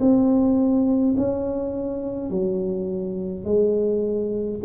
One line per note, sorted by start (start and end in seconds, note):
0.00 1.15 C4
1.17 2.30 C#4
2.30 3.45 F#3
3.45 4.60 G#3